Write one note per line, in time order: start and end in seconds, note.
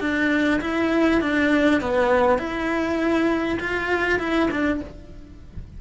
0.00 0.60 D4
0.61 1.21 E4
1.21 1.81 D4
1.81 2.38 B3
2.38 3.58 E4
3.60 4.19 F4
4.19 4.49 E4
4.50 4.80 D4